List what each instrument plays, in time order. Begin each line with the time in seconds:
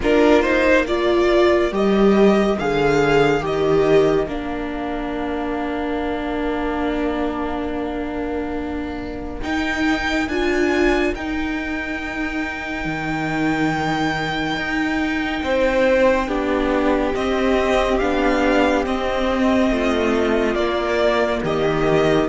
0.00 cello A#3, viola D4, violin F4 A#4
0.42 viola D#4, violin C5
0.86 viola F4, violin A#4 D5
1.71 cello G3, viola G4, violin D#5
2.58 cello D3, viola G#4, violin F5
3.40 cello D#3, viola G4, violin D#5
4.26 cello A#3, viola D4, violin F5
9.42 viola D#4, cello D#4, violin G5
10.27 cello D4, viola F4, violin G#5
11.14 cello D#4, viola D#4, violin G5
12.84 cello D#3
14.56 cello D#4
15.42 cello C4, violin C5
16.27 cello B3, viola D4, violin G4
17.14 viola C4, cello C4, violin D#5
17.99 cello B3, viola D4, violin F5
18.85 viola C4, cello C4, violin D#5
19.70 cello A3, violin F4
20.54 cello A#3, viola A#3, violin D5
21.43 cello D#3, violin G4 D#5